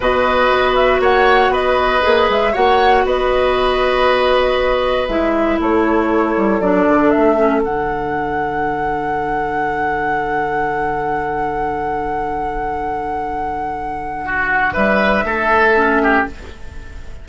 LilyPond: <<
  \new Staff \with { instrumentName = "flute" } { \time 4/4 \tempo 4 = 118 dis''4. e''8 fis''4 dis''4~ | dis''8 e''8 fis''4 dis''2~ | dis''2 e''4 cis''4~ | cis''4 d''4 e''4 fis''4~ |
fis''1~ | fis''1~ | fis''1~ | fis''4 e''2. | }
  \new Staff \with { instrumentName = "oboe" } { \time 4/4 b'2 cis''4 b'4~ | b'4 cis''4 b'2~ | b'2. a'4~ | a'1~ |
a'1~ | a'1~ | a'1 | fis'4 b'4 a'4. g'8 | }
  \new Staff \with { instrumentName = "clarinet" } { \time 4/4 fis'1 | gis'4 fis'2.~ | fis'2 e'2~ | e'4 d'4. cis'8 d'4~ |
d'1~ | d'1~ | d'1~ | d'2. cis'4 | }
  \new Staff \with { instrumentName = "bassoon" } { \time 4/4 b,4 b4 ais4 b4 | ais8 gis8 ais4 b2~ | b2 gis4 a4~ | a8 g8 fis8 d8 a4 d4~ |
d1~ | d1~ | d1~ | d4 g4 a2 | }
>>